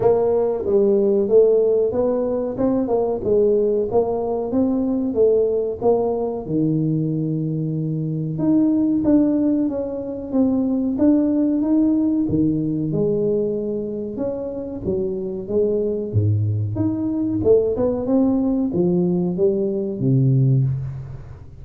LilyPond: \new Staff \with { instrumentName = "tuba" } { \time 4/4 \tempo 4 = 93 ais4 g4 a4 b4 | c'8 ais8 gis4 ais4 c'4 | a4 ais4 dis2~ | dis4 dis'4 d'4 cis'4 |
c'4 d'4 dis'4 dis4 | gis2 cis'4 fis4 | gis4 gis,4 dis'4 a8 b8 | c'4 f4 g4 c4 | }